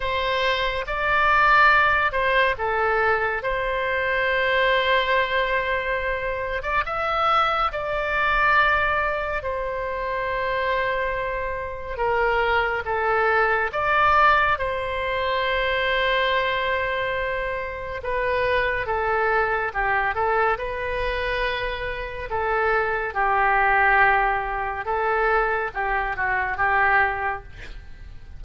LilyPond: \new Staff \with { instrumentName = "oboe" } { \time 4/4 \tempo 4 = 70 c''4 d''4. c''8 a'4 | c''2.~ c''8. d''16 | e''4 d''2 c''4~ | c''2 ais'4 a'4 |
d''4 c''2.~ | c''4 b'4 a'4 g'8 a'8 | b'2 a'4 g'4~ | g'4 a'4 g'8 fis'8 g'4 | }